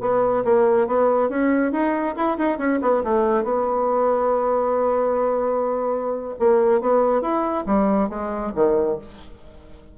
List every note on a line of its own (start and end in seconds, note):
0.00 0.43 B3
0.44 0.87 A#3
0.87 1.29 B3
1.29 1.72 C#4
1.72 2.15 D#4
2.15 2.37 E4
2.37 2.57 D#4
2.57 2.79 C#4
2.81 3.03 B3
3.03 3.43 A3
3.43 6.35 B3
6.39 6.81 A#3
6.81 7.21 B3
7.21 7.64 E4
7.66 8.09 G3
8.09 8.52 G#3
8.54 8.98 D#3